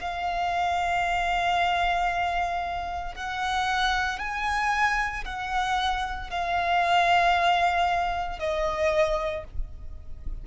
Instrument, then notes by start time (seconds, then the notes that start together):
violin
0.00 F5
3.15 F#5
4.19 G#5
5.25 F#5
6.30 F5
8.39 D#5